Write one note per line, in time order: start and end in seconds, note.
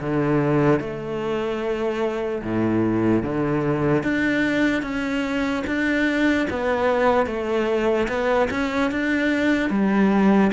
0.00 0.80 D3
0.80 2.42 A3
2.43 3.22 A2
3.22 4.03 D3
4.03 4.82 D4
4.82 5.63 C#4
5.66 6.48 D4
6.49 7.26 B3
7.26 8.07 A3
8.08 8.49 B3
8.50 8.91 C#4
8.91 9.70 D4
9.70 10.51 G3